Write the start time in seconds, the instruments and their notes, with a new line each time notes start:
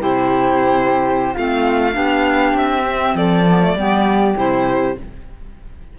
0.00 cello C3, clarinet E4, flute G4, violin C5
1.34 cello A3, clarinet C4, flute F4, violin F5
1.93 cello B3, clarinet D4, flute G4
2.54 cello C4, violin E5
2.87 clarinet C4
3.15 cello F3, flute A4, violin D5
3.48 clarinet B3
3.62 clarinet A3
3.76 cello G3, clarinet B3, flute G4
4.36 cello C3, clarinet E4, violin C5